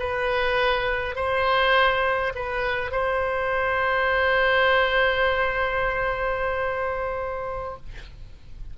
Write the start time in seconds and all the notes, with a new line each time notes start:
0.00 B4
1.16 C5
2.35 B4
2.91 C5